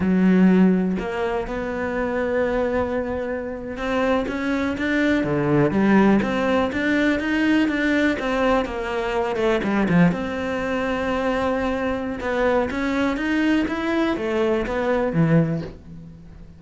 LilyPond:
\new Staff \with { instrumentName = "cello" } { \time 4/4 \tempo 4 = 123 fis2 ais4 b4~ | b2.~ b8. c'16~ | c'8. cis'4 d'4 d4 g16~ | g8. c'4 d'4 dis'4 d'16~ |
d'8. c'4 ais4. a8 g16~ | g16 f8 c'2.~ c'16~ | c'4 b4 cis'4 dis'4 | e'4 a4 b4 e4 | }